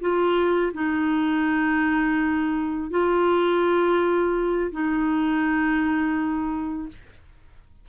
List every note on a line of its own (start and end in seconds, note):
0.00 0.72 F4
0.74 2.90 D#4
2.90 4.71 F4
4.71 6.88 D#4